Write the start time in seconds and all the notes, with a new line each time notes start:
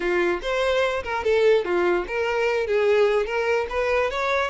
0.00 F4
0.42 C5
1.03 A#4
1.24 A4
1.64 F4
2.07 A#4
2.66 G#4
3.26 A#4
3.69 B4
4.10 C#5